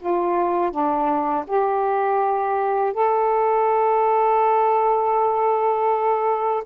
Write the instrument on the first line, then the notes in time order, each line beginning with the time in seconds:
saxophone
0.00 F4
0.71 D4
1.47 G4
2.94 A4